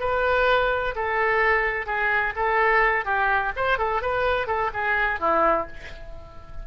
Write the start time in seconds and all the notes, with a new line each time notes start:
0.00 B4
0.95 A4
1.86 G#4
2.36 A4
3.05 G4
3.56 C5
3.78 A4
4.02 B4
4.47 A4
4.74 G#4
5.20 E4